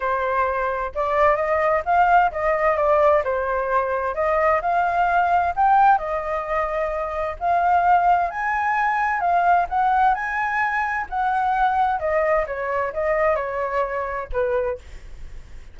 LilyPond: \new Staff \with { instrumentName = "flute" } { \time 4/4 \tempo 4 = 130 c''2 d''4 dis''4 | f''4 dis''4 d''4 c''4~ | c''4 dis''4 f''2 | g''4 dis''2. |
f''2 gis''2 | f''4 fis''4 gis''2 | fis''2 dis''4 cis''4 | dis''4 cis''2 b'4 | }